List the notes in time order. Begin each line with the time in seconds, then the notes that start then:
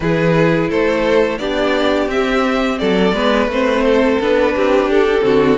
0.00 E3 E4 G#4 B4
0.69 A3 A4 C5
1.38 B3 D4 G4 D5
2.07 C4 E5
2.78 F#3 A4 D5
3.12 G#3 B3 B4
3.47 A3 C4 C5
3.84 A4
4.20 B3 D4 B4
4.55 C4 G4
4.86 D4 A4
5.21 D3 C4 F#4